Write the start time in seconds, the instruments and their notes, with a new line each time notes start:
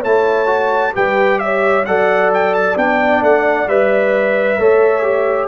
0.00 tuba A3, trombone E4, horn C#5, trumpet A5
0.47 trombone F#4
0.93 tuba G3, trombone G4, horn B4, trumpet G5
1.40 horn C#5, trumpet E5
1.86 tuba F#3, trombone A4, horn D5, trumpet F#5
2.34 trumpet G5
2.54 trumpet A5
2.76 tuba B3, trombone D4, trumpet G5
3.22 tuba A3, trumpet F#5
3.68 tuba G3, trombone B4, trumpet E5
4.59 tuba A3, trombone A4, horn C#5
5.03 trombone G4